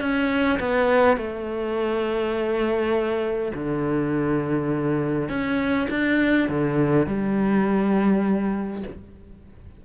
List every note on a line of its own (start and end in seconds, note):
0.00 0.59 C#4
0.59 1.17 B3
1.17 3.52 A3
3.54 5.29 D3
5.29 5.88 C#4
5.90 6.48 D4
6.48 7.06 D3
7.06 8.83 G3